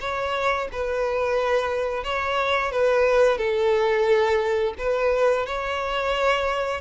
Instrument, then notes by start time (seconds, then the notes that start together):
violin
0.00 C#5
0.72 B4
2.04 C#5
2.72 B4
3.38 A4
4.78 B4
5.46 C#5